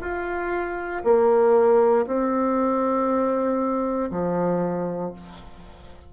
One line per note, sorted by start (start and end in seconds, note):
0.00 1.02 F4
1.04 2.05 A#3
2.06 4.10 C4
4.10 5.12 F3